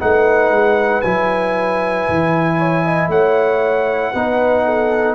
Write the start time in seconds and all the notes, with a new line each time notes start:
0.00 A3 D#4 B4 F#5
0.51 G#3
1.02 F#3 E4 G#5
2.09 E3
2.58 C#5
2.85 D#5
3.09 A3 C#5 F#5
4.12 B3 D#4 B4
4.65 A4